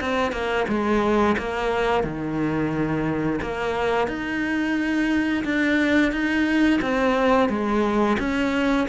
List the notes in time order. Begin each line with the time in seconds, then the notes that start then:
0.00 C4
0.32 A#3
0.68 G#3
1.38 A#3
2.03 D#3
3.41 A#3
4.08 D#4
5.44 D4
6.12 D#4
6.81 C4
7.49 G#3
8.19 C#4